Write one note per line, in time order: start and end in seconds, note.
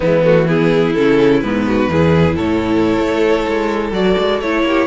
0.00 0.96 E3
0.00 0.23 G#3
0.00 0.46 B3
0.00 0.23 E4
0.23 0.46 A3
0.23 0.48 F#4
0.46 0.94 B3
0.46 1.66 E4
0.46 0.94 G#4
0.94 1.43 C#3
0.94 1.43 C#4
0.94 1.40 A4
1.40 1.89 G#2
1.40 1.90 B3
1.40 2.35 B4
1.66 1.90 F#4
1.89 2.36 E2
1.89 3.93 E4
1.89 2.36 G#4
2.36 2.98 A2
2.36 4.62 A4
2.36 3.92 C#5
2.99 3.46 A3
3.47 3.91 G#3
3.91 4.15 F#3
3.91 4.40 F#4
3.91 4.40 D5
4.18 4.41 G#3
4.40 4.62 A3
4.40 4.87 E4
4.40 4.87 C#5
4.62 4.86 A#3
4.62 4.87 G4